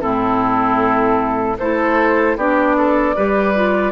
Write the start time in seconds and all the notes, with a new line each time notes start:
0.00 A2 C4 E4 A4
1.59 A3 E4 A4 C5
2.36 B3 D4 G4 D5
2.77 A4
3.15 G3 G4 B4
3.55 F4